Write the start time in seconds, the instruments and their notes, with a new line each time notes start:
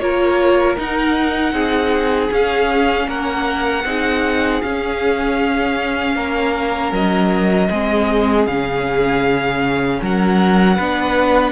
0.00 cello A#3, viola F4, violin A#4 C#5
0.78 viola D#4, cello D#4, violin F#5
1.53 cello C4, violin G#4
2.30 viola C#4, cello C#4, violin F5
3.08 cello A#3, violin A#4 F#5
3.84 cello C4, viola D#4, violin G#4
4.62 viola C#4, cello C#4, violin F5
6.16 cello A#3, violin A#4
6.92 cello F#3, violin D#5
7.70 cello G#3, viola C4, violin G#4
8.47 cello C#3, viola C#4, violin F5
10.02 cello F#3, violin A#4 F#5
10.76 cello B3, viola D4, violin B4